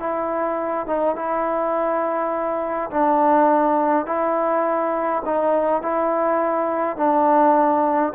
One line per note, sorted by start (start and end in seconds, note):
0.00 0.87 E4
0.87 1.16 D#4
1.16 2.91 E4
2.91 4.07 D4
4.07 5.23 E4
5.26 5.83 D#4
5.83 6.97 E4
6.97 8.14 D4